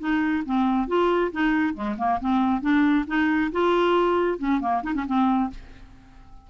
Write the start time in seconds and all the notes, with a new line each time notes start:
0.00 D#4
0.46 C4
0.88 F4
1.32 D#4
1.74 G#3
1.98 A#3
2.20 C4
2.61 D4
3.08 D#4
3.52 F4
4.39 C#4
4.61 A#3
4.83 D#4
4.95 C#4
5.06 C4